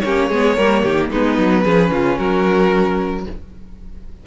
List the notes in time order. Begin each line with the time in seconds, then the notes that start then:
0.00 A#3 C#4 G4 C#5
0.29 G#3 B3 G#4
0.56 G3 A#3 A#4
0.83 D#3 G4
1.11 G#3 B3 D#4 B4
1.38 F#3
1.64 F3 C#4 G#4
1.91 C#3 F4
2.18 F#3 F#4 A#4